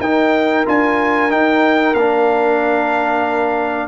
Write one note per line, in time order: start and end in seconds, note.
0.00 0.65 D#4
0.00 0.66 D#4
0.00 3.87 A#4
0.00 0.66 G5
0.66 1.32 D4
0.66 1.30 F4
0.66 1.31 G#5
1.30 1.94 D#4
1.30 1.94 G5
1.94 3.87 A#3
1.94 3.87 D4
1.94 3.87 F5